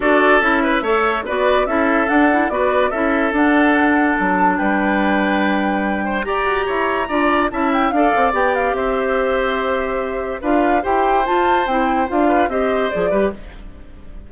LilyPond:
<<
  \new Staff \with { instrumentName = "flute" } { \time 4/4 \tempo 4 = 144 d''4 e''2 d''4 | e''4 fis''4 d''4 e''4 | fis''2 a''4 g''4~ | g''2. ais''4~ |
ais''2 a''8 g''8 f''4 | g''8 f''8 e''2.~ | e''4 f''4 g''4 a''4 | g''4 f''4 dis''4 d''4 | }
  \new Staff \with { instrumentName = "oboe" } { \time 4/4 a'4. b'8 cis''4 b'4 | a'2 b'4 a'4~ | a'2. b'4~ | b'2~ b'8 c''8 d''4 |
cis''4 d''4 e''4 d''4~ | d''4 c''2.~ | c''4 b'4 c''2~ | c''4. b'8 c''4. b'8 | }
  \new Staff \with { instrumentName = "clarinet" } { \time 4/4 fis'4 e'4 a'4 fis'4 | e'4 d'8 e'8 fis'4 e'4 | d'1~ | d'2. g'4~ |
g'4 f'4 e'4 a'4 | g'1~ | g'4 f'4 g'4 f'4 | e'4 f'4 g'4 gis'8 g'8 | }
  \new Staff \with { instrumentName = "bassoon" } { \time 4/4 d'4 cis'4 a4 b4 | cis'4 d'4 b4 cis'4 | d'2 fis4 g4~ | g2. g'8 fis'8 |
e'4 d'4 cis'4 d'8 c'8 | b4 c'2.~ | c'4 d'4 e'4 f'4 | c'4 d'4 c'4 f8 g8 | }
>>